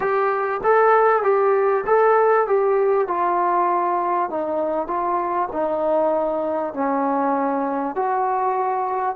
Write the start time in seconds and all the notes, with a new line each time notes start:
0.00 G4
0.63 A4
1.23 G4
1.86 A4
2.47 G4
3.07 F4
4.30 D#4
4.87 F4
5.52 D#4
6.73 C#4
7.95 F#4